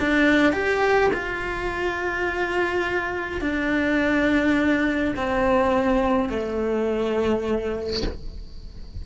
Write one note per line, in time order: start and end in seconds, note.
0.00 0.53 D4
0.53 1.11 G4
1.14 3.42 F4
3.42 5.15 D4
5.17 6.30 C4
6.30 8.03 A3